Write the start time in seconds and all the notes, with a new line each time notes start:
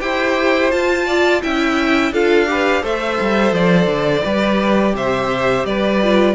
0.00 E4 G4 C5 G5
0.71 F4 A5
1.06 D5
1.42 C#4 E4 E5 G5
2.11 D4 F4 A4 F5
2.46 G4 B4
2.82 A3 A4 C5 E5
3.20 G3
3.52 F3 D5
3.86 D3
4.23 G3 G4 B4
4.93 C3 C5 E5
5.65 G3 B4 D5
6.03 F4